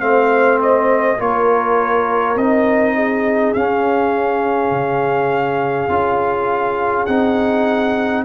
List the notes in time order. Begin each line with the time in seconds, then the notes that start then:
0.00 A3 C4 C5 F5
0.62 D#5
1.18 A#3 F4 A#4 C#5
2.35 C4 D#4 D#5
2.95 G#4
3.53 C#4 F5
4.71 C#3
5.89 C#4 F4
7.06 C4 D#4 F#5